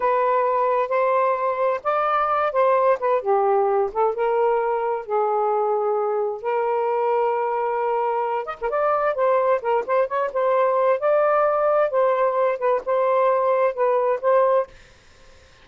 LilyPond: \new Staff \with { instrumentName = "saxophone" } { \time 4/4 \tempo 4 = 131 b'2 c''2 | d''4. c''4 b'8 g'4~ | g'8 a'8 ais'2 gis'4~ | gis'2 ais'2~ |
ais'2~ ais'8 dis''16 ais'16 d''4 | c''4 ais'8 c''8 cis''8 c''4. | d''2 c''4. b'8 | c''2 b'4 c''4 | }